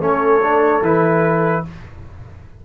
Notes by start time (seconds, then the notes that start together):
0.00 A3 C#4 A4 C#5
0.41 D4
0.81 E3 E4 B4